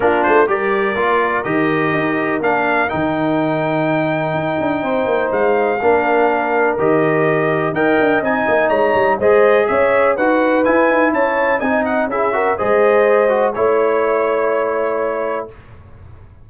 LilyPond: <<
  \new Staff \with { instrumentName = "trumpet" } { \time 4/4 \tempo 4 = 124 ais'8 c''8 d''2 dis''4~ | dis''4 f''4 g''2~ | g''2. f''4~ | f''2 dis''2 |
g''4 gis''4 ais''4 dis''4 | e''4 fis''4 gis''4 a''4 | gis''8 fis''8 e''4 dis''2 | cis''1 | }
  \new Staff \with { instrumentName = "horn" } { \time 4/4 f'4 ais'2.~ | ais'1~ | ais'2 c''2 | ais'1 |
dis''2 cis''4 c''4 | cis''4 b'2 cis''4 | dis''4 gis'8 ais'8 c''2 | cis''1 | }
  \new Staff \with { instrumentName = "trombone" } { \time 4/4 d'4 g'4 f'4 g'4~ | g'4 d'4 dis'2~ | dis'1 | d'2 g'2 |
ais'4 dis'2 gis'4~ | gis'4 fis'4 e'2 | dis'4 e'8 fis'8 gis'4. fis'8 | e'1 | }
  \new Staff \with { instrumentName = "tuba" } { \time 4/4 ais8 a8 g4 ais4 dis4 | dis'4 ais4 dis2~ | dis4 dis'8 d'8 c'8 ais8 gis4 | ais2 dis2 |
dis'8 d'8 c'8 ais8 gis8 g8 gis4 | cis'4 dis'4 e'8 dis'8 cis'4 | c'4 cis'4 gis2 | a1 | }
>>